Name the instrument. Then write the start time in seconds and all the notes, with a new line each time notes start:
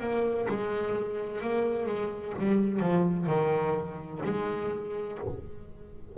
double bass
0.00 A#3
0.49 G#3
1.41 A#3
1.86 G#3
2.39 G3
2.80 F3
3.27 D#3
4.24 G#3